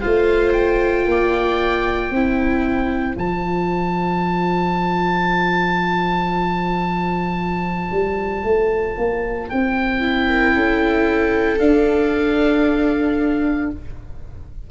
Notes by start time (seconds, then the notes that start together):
0.00 A3 F4 C5 F5
0.52 G5
1.05 A#3 D5
2.10 C4 E4 C5
3.16 F3 F4 A5
7.91 G3
8.43 A3
8.97 A#3
9.49 C4 G5
10.00 E4
10.27 A#4
10.54 C#4 A4
11.59 D4 F5